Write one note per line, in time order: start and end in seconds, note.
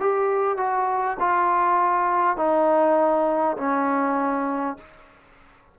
0.00 0.57 G4
0.57 1.17 F#4
1.19 2.37 F4
2.37 3.57 D#4
3.57 4.77 C#4